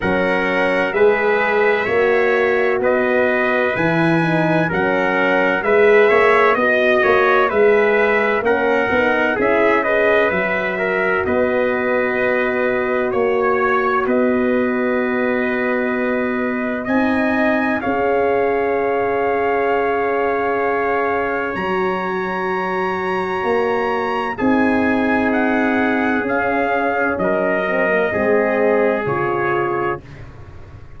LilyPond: <<
  \new Staff \with { instrumentName = "trumpet" } { \time 4/4 \tempo 4 = 64 fis''4 e''2 dis''4 | gis''4 fis''4 e''4 dis''4 | e''4 fis''4 e''8 dis''8 e''4 | dis''2 cis''4 dis''4~ |
dis''2 gis''4 f''4~ | f''2. ais''4~ | ais''2 gis''4 fis''4 | f''4 dis''2 cis''4 | }
  \new Staff \with { instrumentName = "trumpet" } { \time 4/4 ais'4 b'4 cis''4 b'4~ | b'4 ais'4 b'8 cis''8 dis''8 cis''8 | b'4 ais'4 gis'8 b'4 ais'8 | b'2 cis''4 b'4~ |
b'2 dis''4 cis''4~ | cis''1~ | cis''2 gis'2~ | gis'4 ais'4 gis'2 | }
  \new Staff \with { instrumentName = "horn" } { \time 4/4 cis'4 gis'4 fis'2 | e'8 dis'8 cis'4 gis'4 fis'4 | gis'4 cis'8 dis'8 e'8 gis'8 fis'4~ | fis'1~ |
fis'2 dis'4 gis'4~ | gis'2. fis'4~ | fis'2 dis'2 | cis'4. c'16 ais16 c'4 f'4 | }
  \new Staff \with { instrumentName = "tuba" } { \time 4/4 fis4 gis4 ais4 b4 | e4 fis4 gis8 ais8 b8 ais8 | gis4 ais8 b8 cis'4 fis4 | b2 ais4 b4~ |
b2 c'4 cis'4~ | cis'2. fis4~ | fis4 ais4 c'2 | cis'4 fis4 gis4 cis4 | }
>>